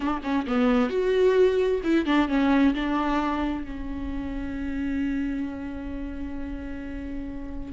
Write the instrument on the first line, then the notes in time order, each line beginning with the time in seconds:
viola
0.00 D4
0.23 C#4
0.46 B3
0.89 F#4
1.83 E4
2.05 D4
2.28 C#4
2.74 D4
3.64 C#4